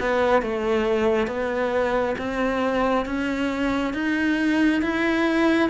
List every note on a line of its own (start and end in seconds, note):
0.00 0.43 B3
0.43 1.27 A3
1.27 2.15 B3
2.18 3.06 C4
3.06 3.94 C#4
3.94 4.82 D#4
4.82 5.70 E4